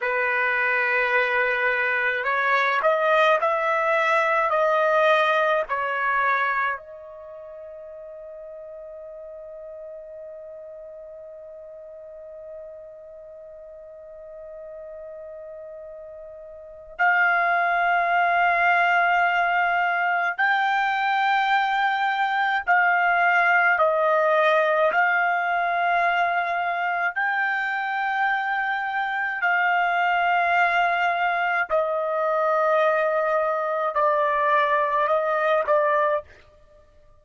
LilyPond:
\new Staff \with { instrumentName = "trumpet" } { \time 4/4 \tempo 4 = 53 b'2 cis''8 dis''8 e''4 | dis''4 cis''4 dis''2~ | dis''1~ | dis''2. f''4~ |
f''2 g''2 | f''4 dis''4 f''2 | g''2 f''2 | dis''2 d''4 dis''8 d''8 | }